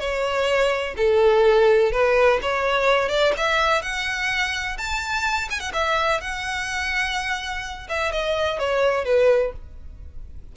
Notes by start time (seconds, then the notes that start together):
0.00 C#5
0.97 A4
1.92 B4
2.42 C#5
3.09 D5
3.37 E5
3.82 F#5
4.78 A5
5.51 G#5
5.60 F#5
5.74 E5
6.21 F#5
7.89 E5
8.12 D#5
8.59 C#5
9.05 B4